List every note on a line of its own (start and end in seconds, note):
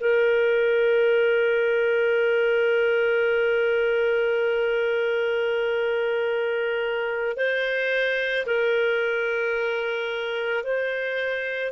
0.00 7.36 A#4
7.36 8.45 C5
8.46 10.63 A#4
10.63 11.71 C5